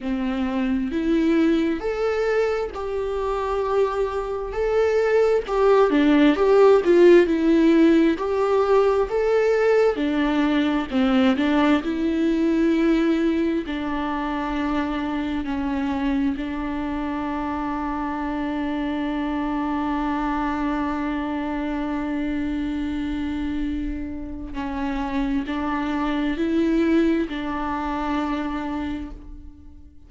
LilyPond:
\new Staff \with { instrumentName = "viola" } { \time 4/4 \tempo 4 = 66 c'4 e'4 a'4 g'4~ | g'4 a'4 g'8 d'8 g'8 f'8 | e'4 g'4 a'4 d'4 | c'8 d'8 e'2 d'4~ |
d'4 cis'4 d'2~ | d'1~ | d'2. cis'4 | d'4 e'4 d'2 | }